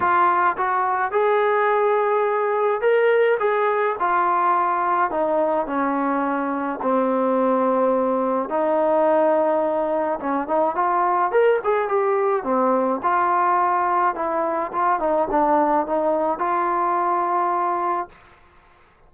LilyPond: \new Staff \with { instrumentName = "trombone" } { \time 4/4 \tempo 4 = 106 f'4 fis'4 gis'2~ | gis'4 ais'4 gis'4 f'4~ | f'4 dis'4 cis'2 | c'2. dis'4~ |
dis'2 cis'8 dis'8 f'4 | ais'8 gis'8 g'4 c'4 f'4~ | f'4 e'4 f'8 dis'8 d'4 | dis'4 f'2. | }